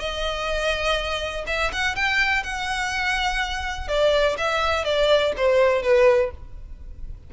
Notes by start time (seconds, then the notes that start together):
0.00 D#5
1.47 E5
1.73 F#5
1.96 G5
2.44 F#5
3.88 D5
4.38 E5
4.85 D5
5.37 C5
5.83 B4